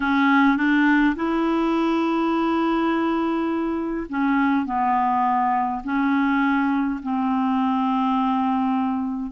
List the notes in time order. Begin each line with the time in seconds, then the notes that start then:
0.00 C#4
0.56 D4
1.15 E4
4.09 C#4
4.65 B3
5.84 C#4
7.02 C4